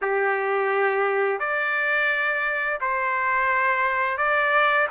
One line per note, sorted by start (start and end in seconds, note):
0.01 1.39 G4
1.39 2.79 D5
2.80 4.17 C5
4.17 4.87 D5